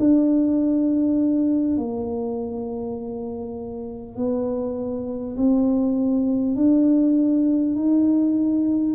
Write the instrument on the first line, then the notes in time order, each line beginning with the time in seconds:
tuba
0.00 D4
1.77 A#3
4.16 B3
5.37 C4
6.56 D4
7.76 D#4